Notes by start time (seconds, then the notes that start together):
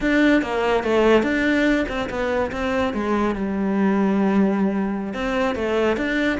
0.00 D4
0.42 A#3
0.83 A3
1.22 D4
1.88 C4
2.09 B3
2.51 C4
2.93 G#3
3.35 G3
5.13 C4
5.55 A3
5.97 D4